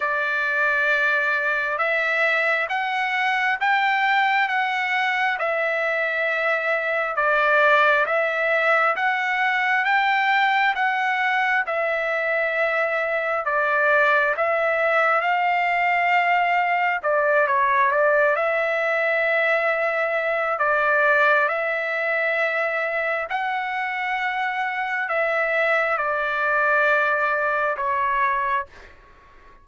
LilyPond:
\new Staff \with { instrumentName = "trumpet" } { \time 4/4 \tempo 4 = 67 d''2 e''4 fis''4 | g''4 fis''4 e''2 | d''4 e''4 fis''4 g''4 | fis''4 e''2 d''4 |
e''4 f''2 d''8 cis''8 | d''8 e''2~ e''8 d''4 | e''2 fis''2 | e''4 d''2 cis''4 | }